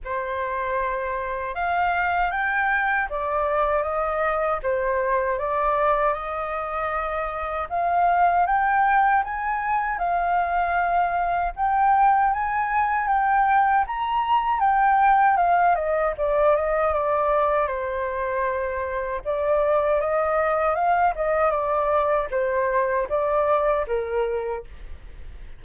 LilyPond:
\new Staff \with { instrumentName = "flute" } { \time 4/4 \tempo 4 = 78 c''2 f''4 g''4 | d''4 dis''4 c''4 d''4 | dis''2 f''4 g''4 | gis''4 f''2 g''4 |
gis''4 g''4 ais''4 g''4 | f''8 dis''8 d''8 dis''8 d''4 c''4~ | c''4 d''4 dis''4 f''8 dis''8 | d''4 c''4 d''4 ais'4 | }